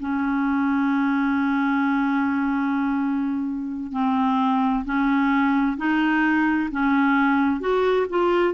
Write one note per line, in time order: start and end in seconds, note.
0.00 3.92 C#4
3.92 4.85 C4
4.85 5.77 C#4
5.77 6.70 D#4
6.71 7.60 C#4
7.60 8.06 F#4
8.10 8.54 F4